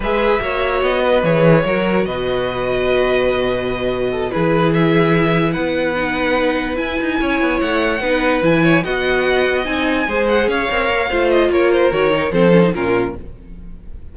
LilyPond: <<
  \new Staff \with { instrumentName = "violin" } { \time 4/4 \tempo 4 = 146 e''2 dis''4 cis''4~ | cis''4 dis''2.~ | dis''2~ dis''8 b'4 e''8~ | e''4. fis''2~ fis''8~ |
fis''8 gis''2 fis''4.~ | fis''8 gis''4 fis''2 gis''8~ | gis''4 fis''8 f''2 dis''8 | cis''8 c''8 cis''4 c''4 ais'4 | }
  \new Staff \with { instrumentName = "violin" } { \time 4/4 b'4 cis''4. b'4. | ais'4 b'2.~ | b'2 a'8 gis'4.~ | gis'4. b'2~ b'8~ |
b'4. cis''2 b'8~ | b'4 cis''8 dis''2~ dis''8~ | dis''8 c''4 cis''4. c''4 | ais'2 a'4 f'4 | }
  \new Staff \with { instrumentName = "viola" } { \time 4/4 gis'4 fis'2 gis'4 | fis'1~ | fis'2~ fis'8 e'4.~ | e'2~ e'8 dis'4.~ |
dis'8 e'2. dis'8~ | dis'8 e'4 fis'2 dis'8~ | dis'8 gis'4. ais'4 f'4~ | f'4 fis'8 dis'8 c'8 cis'16 dis'16 cis'4 | }
  \new Staff \with { instrumentName = "cello" } { \time 4/4 gis4 ais4 b4 e4 | fis4 b,2.~ | b,2~ b,8 e4.~ | e4. b2~ b8~ |
b8 e'8 dis'8 cis'8 b8 a4 b8~ | b8 e4 b2 c'8~ | c'8 gis4 cis'8 c'8 ais8 a4 | ais4 dis4 f4 ais,4 | }
>>